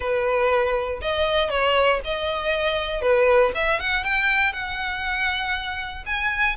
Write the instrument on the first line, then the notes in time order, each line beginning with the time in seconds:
violin
0.00 B4
1.01 D#5
1.50 C#5
2.04 D#5
3.01 B4
3.54 E5
3.80 F#5
4.04 G5
4.52 F#5
6.05 G#5